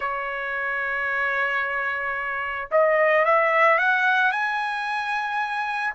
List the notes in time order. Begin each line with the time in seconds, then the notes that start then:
0.00 C#5
2.71 D#5
3.25 E5
3.78 F#5
4.31 G#5